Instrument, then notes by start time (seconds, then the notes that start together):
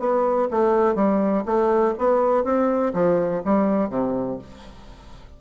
bassoon
0.00 B3
0.51 A3
0.96 G3
1.46 A3
1.99 B3
2.45 C4
2.94 F3
3.45 G3
3.90 C3